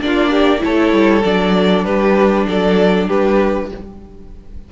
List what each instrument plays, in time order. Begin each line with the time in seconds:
0.00 cello A#3, viola D4, violin F4 D5
0.30 violin G4
0.59 cello A3, viola E4, violin A4 C#5
0.92 cello G3
1.23 cello F#3, viola D4, violin D5
1.84 cello G3, violin G4 B4
2.47 cello F#3, violin A4 D5
3.07 cello G3, violin G4 B4